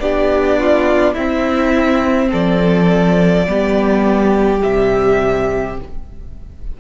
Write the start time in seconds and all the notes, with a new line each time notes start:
0.00 B3 D4 G4 D5
0.60 F4
1.14 C4 E4 E5
2.31 F3 A4 D5
3.47 G3 B3 G4
4.59 C3 G3 E5